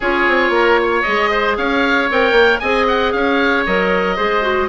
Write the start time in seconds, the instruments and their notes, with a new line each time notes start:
0.00 bassoon C#4, clarinet F4, oboe G#4 C#5
0.27 bassoon C4
0.49 bassoon A#3, oboe A#4
0.82 oboe C#5
1.02 bassoon G#3, clarinet G#4, oboe D#5
1.30 oboe C5
1.57 bassoon C#4, oboe C#5 F5
2.10 bassoon C4, clarinet A#4, oboe G5
2.32 bassoon A#3
2.59 bassoon C4, clarinet G#4, oboe D#5 G#5
2.87 oboe F#5
3.11 bassoon C#4, oboe C#5 F5
3.66 bassoon F#3, clarinet A#4, oboe D#5
4.15 bassoon G#3, clarinet G#4, oboe C5
4.41 clarinet F#4